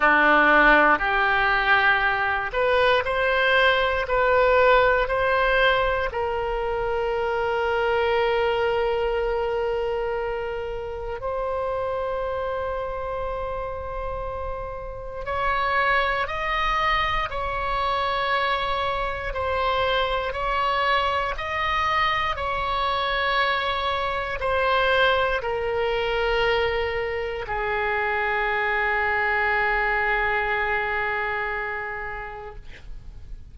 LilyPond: \new Staff \with { instrumentName = "oboe" } { \time 4/4 \tempo 4 = 59 d'4 g'4. b'8 c''4 | b'4 c''4 ais'2~ | ais'2. c''4~ | c''2. cis''4 |
dis''4 cis''2 c''4 | cis''4 dis''4 cis''2 | c''4 ais'2 gis'4~ | gis'1 | }